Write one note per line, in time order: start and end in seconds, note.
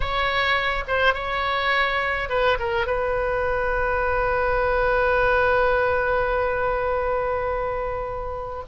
0.00 0.84 C#5
0.87 1.14 C5
1.14 2.29 C#5
2.29 2.58 B4
2.59 2.86 A#4
2.86 8.63 B4